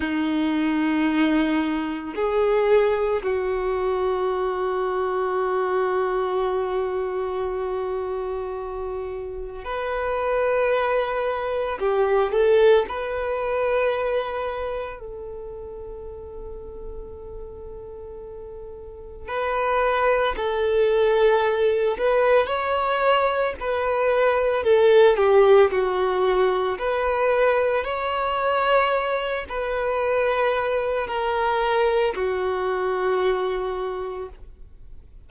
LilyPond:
\new Staff \with { instrumentName = "violin" } { \time 4/4 \tempo 4 = 56 dis'2 gis'4 fis'4~ | fis'1~ | fis'4 b'2 g'8 a'8 | b'2 a'2~ |
a'2 b'4 a'4~ | a'8 b'8 cis''4 b'4 a'8 g'8 | fis'4 b'4 cis''4. b'8~ | b'4 ais'4 fis'2 | }